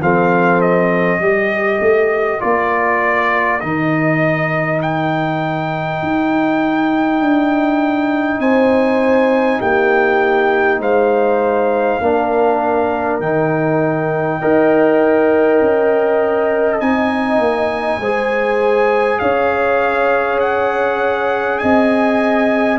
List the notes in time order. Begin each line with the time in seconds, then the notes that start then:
0.00 F3 C4 A4 F5
0.61 D#5
1.19 G3 G4 A#4
1.80 A3
2.40 A#3 F4 D5
3.60 D#3 D#4 D#5
4.82 G5
6.02 D#4
7.20 D4
8.39 C4 C5 G#5
9.61 A#3 G4 G5
10.79 G#3 C5 F5
12.01 A#3 D4 A#4
13.20 D#3 D#4 G5
14.40 D#4 A#4 D#5
15.60 C#4
16.80 C4 D#4 G#5
17.38 A#3
17.98 G#3 G#4 C5
19.19 C#4 C#5 F5
20.39 F#5
21.59 C4 D#5 G#5